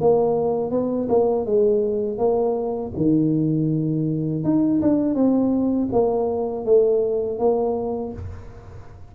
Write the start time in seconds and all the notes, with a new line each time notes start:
0.00 A#3
0.71 B3
1.08 A#3
1.45 G#3
2.18 A#3
2.96 D#3
4.44 D#4
4.81 D4
5.14 C4
5.92 A#3
6.65 A3
7.38 A#3